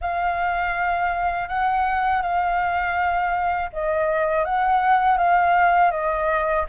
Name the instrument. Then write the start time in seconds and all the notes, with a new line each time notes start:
flute
0.01 F5
1.48 F#5
2.22 F5
3.72 D#5
4.44 F#5
5.17 F5
5.91 D#5